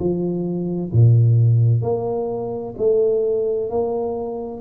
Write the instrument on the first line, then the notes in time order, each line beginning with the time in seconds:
tuba
0.00 F3
0.93 A#2
1.83 A#3
2.78 A3
3.70 A#3